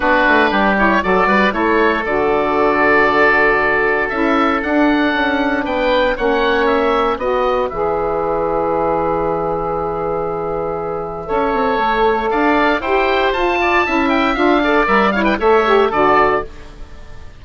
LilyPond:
<<
  \new Staff \with { instrumentName = "oboe" } { \time 4/4 \tempo 4 = 117 b'4. cis''8 d''4 cis''4 | d''1 | e''4 fis''2 g''4 | fis''4 e''4 dis''4 e''4~ |
e''1~ | e''1 | f''4 g''4 a''4. g''8 | f''4 e''8 f''16 g''16 e''4 d''4 | }
  \new Staff \with { instrumentName = "oboe" } { \time 4/4 fis'4 g'4 a'8 b'8 a'4~ | a'1~ | a'2. b'4 | cis''2 b'2~ |
b'1~ | b'2 cis''2 | d''4 c''4. d''8 e''4~ | e''8 d''4 cis''16 b'16 cis''4 a'4 | }
  \new Staff \with { instrumentName = "saxophone" } { \time 4/4 d'4. e'8 fis'4 e'4 | fis'1 | e'4 d'2. | cis'2 fis'4 gis'4~ |
gis'1~ | gis'2 a'2~ | a'4 g'4 f'4 e'4 | f'8 a'8 ais'8 e'8 a'8 g'8 fis'4 | }
  \new Staff \with { instrumentName = "bassoon" } { \time 4/4 b8 a8 g4 fis8 g8 a4 | d1 | cis'4 d'4 cis'4 b4 | ais2 b4 e4~ |
e1~ | e2 cis'8 c'8 a4 | d'4 e'4 f'4 cis'4 | d'4 g4 a4 d4 | }
>>